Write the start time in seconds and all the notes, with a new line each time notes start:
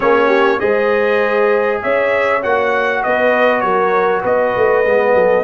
0.00 A#3 C#4 G#4 C#5
0.27 G4
0.59 G#3 G#4 C5 D#5
1.81 C#4 C#5 E5
2.41 A#3 F#4 F#5
3.03 B3 B4 D#5
3.60 F#3 A#4 C#5
4.21 B3 B4 D#5
4.56 A3
4.84 G#3 B3
5.14 F#3 A4